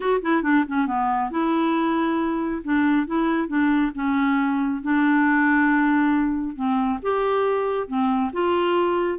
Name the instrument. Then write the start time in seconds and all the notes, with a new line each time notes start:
clarinet
0.00 F#4
0.22 E4
0.42 D4
0.68 C#4
0.87 B3
1.30 E4
2.63 D4
3.06 E4
3.48 D4
3.94 C#4
4.82 D4
6.55 C4
7.02 G4
7.87 C4
8.32 F4